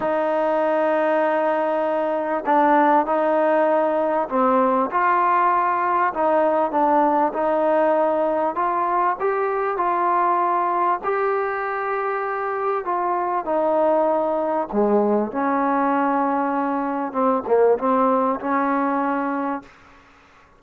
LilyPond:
\new Staff \with { instrumentName = "trombone" } { \time 4/4 \tempo 4 = 98 dis'1 | d'4 dis'2 c'4 | f'2 dis'4 d'4 | dis'2 f'4 g'4 |
f'2 g'2~ | g'4 f'4 dis'2 | gis4 cis'2. | c'8 ais8 c'4 cis'2 | }